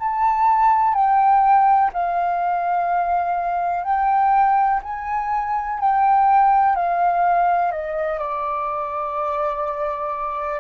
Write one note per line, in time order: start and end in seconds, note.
0.00 0.94 A5
0.94 1.91 G5
1.93 3.84 F5
3.84 4.81 G5
4.83 5.79 G#5
5.79 6.76 G5
6.76 7.72 F5
7.72 8.19 D#5
8.19 10.61 D5